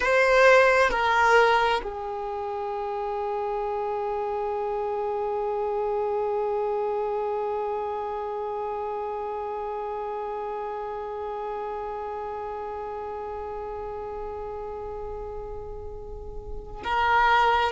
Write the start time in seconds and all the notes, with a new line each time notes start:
0.00 C5
0.90 A#4
1.83 G#4
16.83 A#4